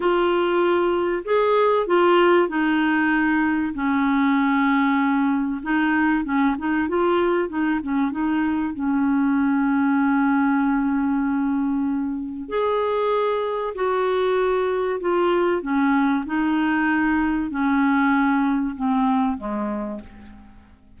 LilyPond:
\new Staff \with { instrumentName = "clarinet" } { \time 4/4 \tempo 4 = 96 f'2 gis'4 f'4 | dis'2 cis'2~ | cis'4 dis'4 cis'8 dis'8 f'4 | dis'8 cis'8 dis'4 cis'2~ |
cis'1 | gis'2 fis'2 | f'4 cis'4 dis'2 | cis'2 c'4 gis4 | }